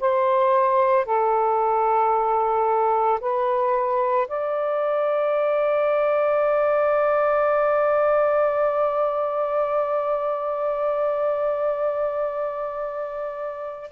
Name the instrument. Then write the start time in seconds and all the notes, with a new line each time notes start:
saxophone
0.00 C5
1.06 A4
3.20 B4
4.28 D5